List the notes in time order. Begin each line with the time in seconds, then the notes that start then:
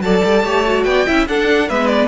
0.00 F#3 A4 D5 A5
0.24 G3
0.44 A3 G4 C#5
0.66 F#4
0.84 B3 D5 G5
1.07 C#4 E4 E5
1.27 D4 A4 F#5
1.69 G#3 B3 B4 E5
1.87 D5